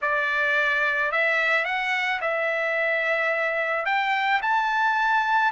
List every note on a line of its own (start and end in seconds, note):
0.01 1.11 D5
1.11 1.64 E5
1.64 2.19 F#5
2.21 3.85 E5
3.85 4.40 G5
4.42 5.52 A5